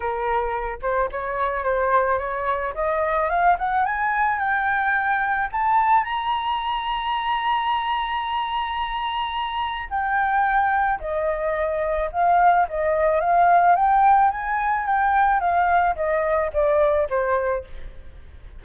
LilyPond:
\new Staff \with { instrumentName = "flute" } { \time 4/4 \tempo 4 = 109 ais'4. c''8 cis''4 c''4 | cis''4 dis''4 f''8 fis''8 gis''4 | g''2 a''4 ais''4~ | ais''1~ |
ais''2 g''2 | dis''2 f''4 dis''4 | f''4 g''4 gis''4 g''4 | f''4 dis''4 d''4 c''4 | }